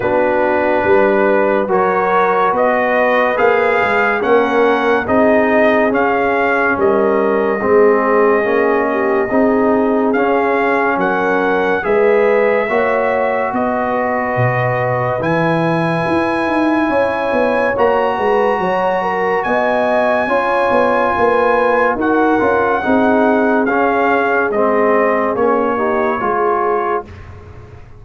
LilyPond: <<
  \new Staff \with { instrumentName = "trumpet" } { \time 4/4 \tempo 4 = 71 b'2 cis''4 dis''4 | f''4 fis''4 dis''4 f''4 | dis''1 | f''4 fis''4 e''2 |
dis''2 gis''2~ | gis''4 ais''2 gis''4~ | gis''2 fis''2 | f''4 dis''4 cis''2 | }
  \new Staff \with { instrumentName = "horn" } { \time 4/4 fis'4 b'4 ais'4 b'4~ | b'4 ais'4 gis'2 | ais'4 gis'4. g'8 gis'4~ | gis'4 ais'4 b'4 cis''4 |
b'1 | cis''4. b'8 cis''8 ais'8 dis''4 | cis''4 b'4 ais'4 gis'4~ | gis'2~ gis'8 g'8 gis'4 | }
  \new Staff \with { instrumentName = "trombone" } { \time 4/4 d'2 fis'2 | gis'4 cis'4 dis'4 cis'4~ | cis'4 c'4 cis'4 dis'4 | cis'2 gis'4 fis'4~ |
fis'2 e'2~ | e'4 fis'2. | f'2 fis'8 f'8 dis'4 | cis'4 c'4 cis'8 dis'8 f'4 | }
  \new Staff \with { instrumentName = "tuba" } { \time 4/4 b4 g4 fis4 b4 | ais8 gis8 ais4 c'4 cis'4 | g4 gis4 ais4 c'4 | cis'4 fis4 gis4 ais4 |
b4 b,4 e4 e'8 dis'8 | cis'8 b8 ais8 gis8 fis4 b4 | cis'8 b8 ais4 dis'8 cis'8 c'4 | cis'4 gis4 ais4 gis4 | }
>>